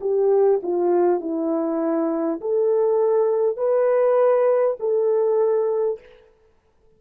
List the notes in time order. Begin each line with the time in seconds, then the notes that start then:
0.00 G4
0.63 F4
1.20 E4
2.40 A4
3.56 B4
4.79 A4